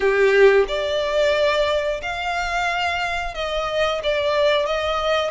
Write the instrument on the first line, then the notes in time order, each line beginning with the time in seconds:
violin
0.00 G4
0.68 D5
2.02 F5
3.34 D#5
4.03 D5
4.65 D#5